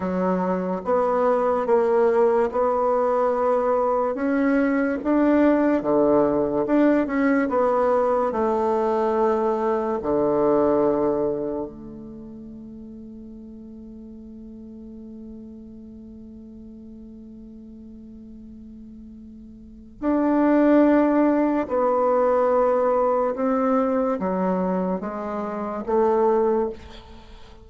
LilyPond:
\new Staff \with { instrumentName = "bassoon" } { \time 4/4 \tempo 4 = 72 fis4 b4 ais4 b4~ | b4 cis'4 d'4 d4 | d'8 cis'8 b4 a2 | d2 a2~ |
a1~ | a1 | d'2 b2 | c'4 fis4 gis4 a4 | }